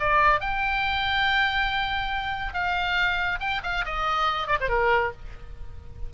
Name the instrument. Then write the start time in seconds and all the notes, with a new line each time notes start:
oboe
0.00 D5
0.41 G5
2.54 F5
3.41 G5
3.64 F5
3.86 D#5
4.48 D5
4.61 C5
4.69 A#4